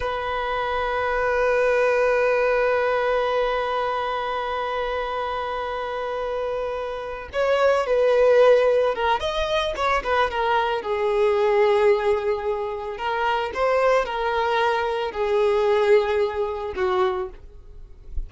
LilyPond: \new Staff \with { instrumentName = "violin" } { \time 4/4 \tempo 4 = 111 b'1~ | b'1~ | b'1~ | b'4. cis''4 b'4.~ |
b'8 ais'8 dis''4 cis''8 b'8 ais'4 | gis'1 | ais'4 c''4 ais'2 | gis'2. fis'4 | }